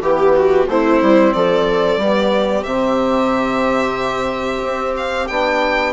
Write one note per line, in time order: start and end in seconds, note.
0.00 0.66 E3
0.00 0.67 B3
0.00 0.35 G4
0.00 0.69 G4
0.35 0.68 F#4
0.68 1.01 A3
0.68 2.00 C4
0.68 1.35 E4
0.68 1.33 C5
1.02 1.34 G3
1.33 1.97 F3
1.33 2.01 A4
1.33 2.63 D5
1.97 2.62 G3
1.97 2.65 B3
1.97 5.93 G4
2.63 4.62 C3
2.63 5.29 C4
2.63 4.94 E5
4.63 5.29 C4
4.96 5.27 F5
5.27 5.93 B3
5.27 5.93 D4
5.27 5.93 G5